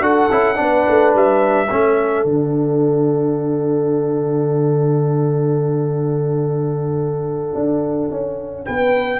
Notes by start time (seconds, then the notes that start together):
0.00 D4 F#4 A4 F#5
0.31 C#4 E4
0.55 B3 D4 B4
0.88 A3
1.14 G3 E5
1.70 A3 C#4 A4
2.24 D3 D4 F#5
7.55 D4
8.11 C#4
8.65 B3 B4 G5